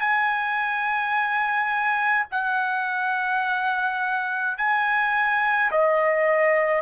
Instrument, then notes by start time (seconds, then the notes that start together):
trumpet
0.00 G#5
2.31 F#5
4.57 G#5
5.71 D#5